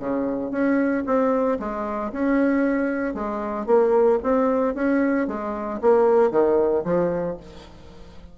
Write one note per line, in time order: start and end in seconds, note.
0.00 0.51 C#3
0.51 1.04 C#4
1.06 1.59 C4
1.60 2.12 G#3
2.13 3.15 C#4
3.15 3.67 G#3
3.67 4.19 A#3
4.23 4.75 C4
4.75 5.28 C#4
5.28 5.80 G#3
5.82 6.31 A#3
6.31 6.84 D#3
6.85 7.38 F3